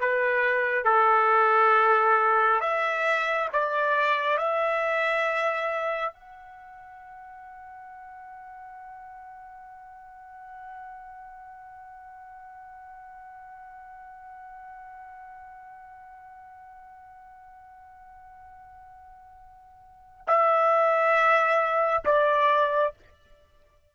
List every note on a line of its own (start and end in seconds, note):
0.00 0.84 B4
0.84 2.60 A4
2.60 3.48 E5
3.52 4.38 D5
4.38 6.13 E5
6.13 20.25 F#5
20.27 22.03 E5
22.05 22.93 D5